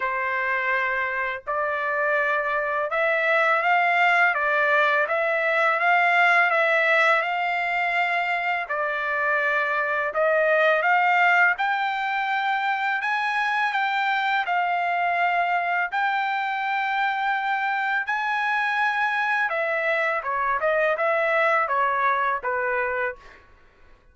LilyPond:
\new Staff \with { instrumentName = "trumpet" } { \time 4/4 \tempo 4 = 83 c''2 d''2 | e''4 f''4 d''4 e''4 | f''4 e''4 f''2 | d''2 dis''4 f''4 |
g''2 gis''4 g''4 | f''2 g''2~ | g''4 gis''2 e''4 | cis''8 dis''8 e''4 cis''4 b'4 | }